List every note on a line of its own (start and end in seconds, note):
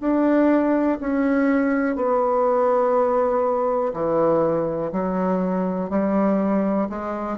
0.00 0.98 D4
1.00 1.96 C#4
1.96 3.93 B3
3.93 4.91 E3
4.92 5.90 F#3
5.90 6.88 G3
6.89 7.38 G#3